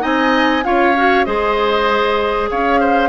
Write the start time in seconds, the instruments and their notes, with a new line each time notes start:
0.00 bassoon C4, clarinet D#4, oboe D#5, flute G#5
0.64 bassoon C#4, clarinet F4, oboe C#5, flute F5
0.97 clarinet F#4
1.25 bassoon G#3, clarinet G#4, oboe C5, flute D#5
2.50 bassoon C#4, oboe C#5, flute F5
2.80 oboe C5